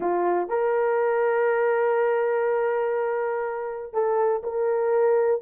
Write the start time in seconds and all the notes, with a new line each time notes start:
0.00 F4
0.49 A#4
3.93 A4
4.43 A#4